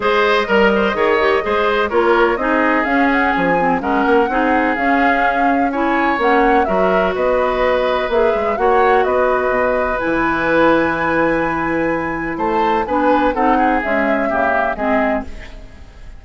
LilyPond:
<<
  \new Staff \with { instrumentName = "flute" } { \time 4/4 \tempo 4 = 126 dis''1 | cis''4 dis''4 f''8 fis''8 gis''4 | fis''2 f''2 | gis''4 fis''4 e''4 dis''4~ |
dis''4 e''4 fis''4 dis''4~ | dis''4 gis''2.~ | gis''2 a''4 gis''4 | fis''4 e''2 dis''4 | }
  \new Staff \with { instrumentName = "oboe" } { \time 4/4 c''4 ais'8 c''8 cis''4 c''4 | ais'4 gis'2. | ais'4 gis'2. | cis''2 ais'4 b'4~ |
b'2 cis''4 b'4~ | b'1~ | b'2 c''4 b'4 | a'8 gis'4. g'4 gis'4 | }
  \new Staff \with { instrumentName = "clarinet" } { \time 4/4 gis'4 ais'4 gis'8 g'8 gis'4 | f'4 dis'4 cis'4. c'8 | cis'4 dis'4 cis'2 | e'4 cis'4 fis'2~ |
fis'4 gis'4 fis'2~ | fis'4 e'2.~ | e'2. d'4 | dis'4 gis4 ais4 c'4 | }
  \new Staff \with { instrumentName = "bassoon" } { \time 4/4 gis4 g4 dis4 gis4 | ais4 c'4 cis'4 f4 | gis8 ais8 c'4 cis'2~ | cis'4 ais4 fis4 b4~ |
b4 ais8 gis8 ais4 b4 | b,4 e2.~ | e2 a4 b4 | c'4 cis'4 cis4 gis4 | }
>>